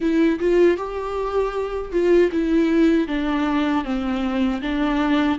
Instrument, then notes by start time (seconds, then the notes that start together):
viola
0.00 E4
0.39 F4
0.77 G4
1.92 F4
2.32 E4
3.07 D4
3.84 C4
4.62 D4